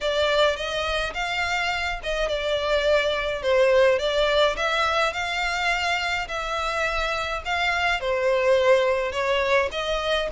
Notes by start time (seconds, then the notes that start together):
0.00 D5
0.56 D#5
1.14 F5
2.03 D#5
2.28 D5
3.42 C5
3.98 D5
4.56 E5
5.13 F5
6.28 E5
7.45 F5
8.00 C5
9.12 C#5
9.71 D#5